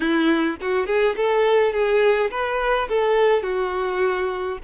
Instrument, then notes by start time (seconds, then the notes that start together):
violin
0.00 E4
0.61 F#4
0.86 G#4
1.16 A4
1.72 G#4
2.31 B4
2.88 A4
3.42 F#4